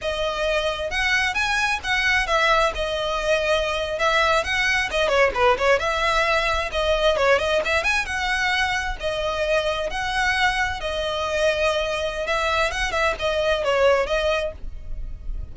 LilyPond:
\new Staff \with { instrumentName = "violin" } { \time 4/4 \tempo 4 = 132 dis''2 fis''4 gis''4 | fis''4 e''4 dis''2~ | dis''8. e''4 fis''4 dis''8 cis''8 b'16~ | b'16 cis''8 e''2 dis''4 cis''16~ |
cis''16 dis''8 e''8 gis''8 fis''2 dis''16~ | dis''4.~ dis''16 fis''2 dis''16~ | dis''2. e''4 | fis''8 e''8 dis''4 cis''4 dis''4 | }